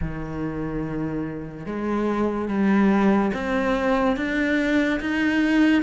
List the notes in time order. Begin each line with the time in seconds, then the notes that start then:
0.01 D#3
1.66 G#3
2.48 G3
3.33 C4
4.16 D4
5.00 D#4